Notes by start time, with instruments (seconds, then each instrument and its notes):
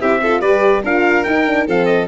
0.00 tuba C4, horn E4, violin G4, trumpet E5
0.22 horn F4, violin A4
0.40 tuba G3, horn G4, violin B4, trumpet D5
0.84 tuba D4, horn F4, violin A#4, trumpet F5
1.24 tuba D#4, horn D#4, trumpet G5
1.46 horn D4
1.66 tuba F3, horn C4, violin A4, trumpet F5
1.86 trumpet D#5